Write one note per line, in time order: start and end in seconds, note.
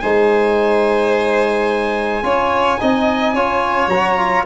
0.00 2.23 G#3
0.00 2.23 D#4
0.00 2.24 C5
0.00 3.89 G#5
2.23 2.79 C#4
2.23 2.79 F4
2.23 2.80 C#5
2.81 3.34 C4
2.81 3.36 D#4
2.81 3.35 D#5
3.34 3.88 C#4
3.34 3.92 F4
3.34 4.46 C#5
3.88 4.43 F#3
3.88 4.18 F#4
3.88 4.45 A#5
4.18 4.46 F4